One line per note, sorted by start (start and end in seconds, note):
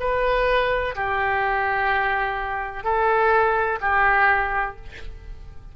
0.00 0.95 B4
0.96 2.84 G4
2.84 3.80 A4
3.81 4.77 G4